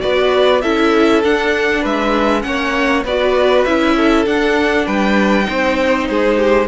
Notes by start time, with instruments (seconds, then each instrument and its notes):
0.00 cello B3, viola F#4, violin B4 D5
0.62 cello C#4, viola E4, violin A4 E5
1.24 viola D4, cello D4, violin F#5
1.82 cello G#3, violin B4 E5
2.42 cello A#3, viola C#4, violin C#5 F#5
3.05 cello B3, viola F#4, violin B4 D5
3.65 cello C#4, viola E4, violin E5
3.97 violin A4
4.26 cello D4, viola D4, violin F#5
4.86 cello G3, violin B4 G5
5.44 cello C4, viola D#4, violin C5
6.07 cello G#3, violin G#4 C5
6.38 violin G4